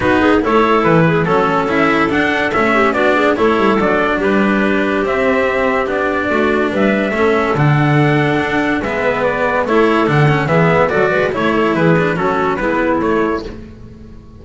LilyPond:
<<
  \new Staff \with { instrumentName = "trumpet" } { \time 4/4 \tempo 4 = 143 b'4 cis''4 b'4 a'4 | e''4 fis''4 e''4 d''4 | cis''4 d''4 b'2 | e''2 d''2 |
e''2 fis''2~ | fis''4 e''4 d''4 cis''4 | fis''4 e''4 d''4 cis''4 | b'4 a'4 b'4 cis''4 | }
  \new Staff \with { instrumentName = "clarinet" } { \time 4/4 fis'8 gis'8 a'4. gis'8 a'4~ | a'2~ a'8 g'8 fis'8 gis'8 | a'2 g'2~ | g'2. fis'4 |
b'4 a'2.~ | a'4 b'2 a'4~ | a'4 gis'4 a'8 b'8 cis''8 a'8 | gis'4 fis'4 e'2 | }
  \new Staff \with { instrumentName = "cello" } { \time 4/4 dis'4 e'2 cis'4 | e'4 d'4 cis'4 d'4 | e'4 d'2. | c'2 d'2~ |
d'4 cis'4 d'2~ | d'4 b2 e'4 | d'8 cis'8 b4 fis'4 e'4~ | e'8 d'8 cis'4 b4 a4 | }
  \new Staff \with { instrumentName = "double bass" } { \time 4/4 b4 a4 e4 fis4 | cis'4 d'4 a4 b4 | a8 g8 fis4 g2 | c'2 b4 a4 |
g4 a4 d2 | d'4 gis2 a4 | d4 e4 fis8 gis8 a4 | e4 fis4 gis4 a4 | }
>>